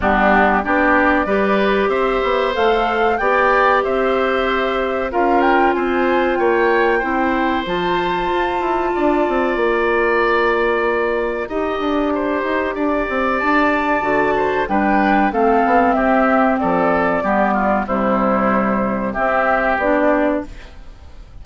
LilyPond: <<
  \new Staff \with { instrumentName = "flute" } { \time 4/4 \tempo 4 = 94 g'4 d''2 e''4 | f''4 g''4 e''2 | f''8 g''8 gis''4 g''2 | a''2. ais''4~ |
ais''1~ | ais''4 a''2 g''4 | f''4 e''4 d''2 | c''2 e''4 d''4 | }
  \new Staff \with { instrumentName = "oboe" } { \time 4/4 d'4 g'4 b'4 c''4~ | c''4 d''4 c''2 | ais'4 c''4 cis''4 c''4~ | c''2 d''2~ |
d''2 dis''4 c''4 | d''2~ d''8 c''8 b'4 | a'4 g'4 a'4 g'8 f'8 | e'2 g'2 | }
  \new Staff \with { instrumentName = "clarinet" } { \time 4/4 b4 d'4 g'2 | a'4 g'2. | f'2. e'4 | f'1~ |
f'2 g'2~ | g'2 fis'4 d'4 | c'2. b4 | g2 c'4 d'4 | }
  \new Staff \with { instrumentName = "bassoon" } { \time 4/4 g4 b4 g4 c'8 b8 | a4 b4 c'2 | cis'4 c'4 ais4 c'4 | f4 f'8 e'8 d'8 c'8 ais4~ |
ais2 dis'8 d'4 dis'8 | d'8 c'8 d'4 d4 g4 | a8 b8 c'4 f4 g4 | c2 c'4 b4 | }
>>